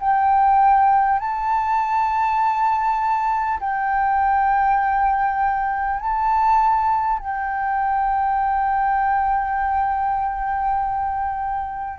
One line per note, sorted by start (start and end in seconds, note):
0.00 1.19 G5
1.19 3.59 A5
3.60 6.00 G5
6.00 7.19 A5
7.19 11.98 G5